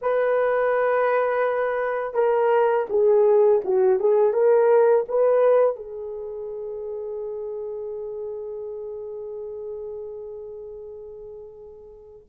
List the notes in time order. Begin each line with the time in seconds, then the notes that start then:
0.01 B4
2.13 A#4
2.89 G#4
3.64 F#4
3.99 G#4
4.33 A#4
5.08 B4
5.76 G#4